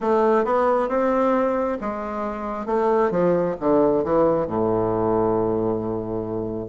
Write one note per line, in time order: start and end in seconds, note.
0.00 0.44 A3
0.44 0.88 B3
0.88 1.78 C4
1.81 2.65 G#3
2.65 3.10 A3
3.10 3.55 F3
3.59 4.04 D3
4.04 4.46 E3
4.46 6.68 A2